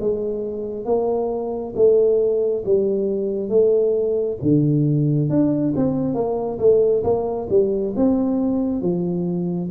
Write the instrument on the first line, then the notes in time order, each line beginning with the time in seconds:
tuba
0.00 G#3
0.85 A#3
1.76 A3
2.66 G3
3.50 A3
4.42 D3
5.30 D4
5.76 C4
6.14 A#3
6.59 A3
7.04 A#3
7.50 G3
7.96 C4
8.82 F3